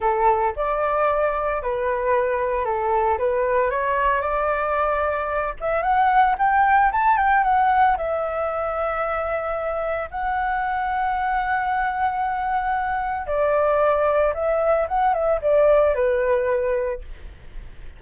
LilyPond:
\new Staff \with { instrumentName = "flute" } { \time 4/4 \tempo 4 = 113 a'4 d''2 b'4~ | b'4 a'4 b'4 cis''4 | d''2~ d''8 e''8 fis''4 | g''4 a''8 g''8 fis''4 e''4~ |
e''2. fis''4~ | fis''1~ | fis''4 d''2 e''4 | fis''8 e''8 d''4 b'2 | }